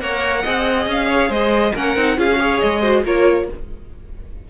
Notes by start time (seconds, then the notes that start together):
0.00 A#3 A#4 C#5 F#5
0.42 C4 G#4 D#5
0.86 C#4 F5
1.07 C#5
1.28 G#3 C5 D#5
1.73 A#3 C#4 A#4 F#5
1.95 C4 D#4
2.17 C#4 F4 G#4 F5
2.32 F#4
2.38 G#4 C#5
2.59 G#3 D#5
2.81 F#4 C5
3.04 A#3 F4 A#4 C#5